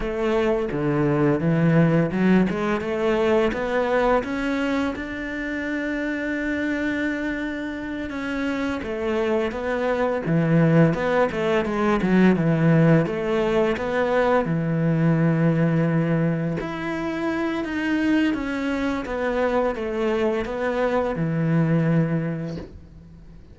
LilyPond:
\new Staff \with { instrumentName = "cello" } { \time 4/4 \tempo 4 = 85 a4 d4 e4 fis8 gis8 | a4 b4 cis'4 d'4~ | d'2.~ d'8 cis'8~ | cis'8 a4 b4 e4 b8 |
a8 gis8 fis8 e4 a4 b8~ | b8 e2. e'8~ | e'4 dis'4 cis'4 b4 | a4 b4 e2 | }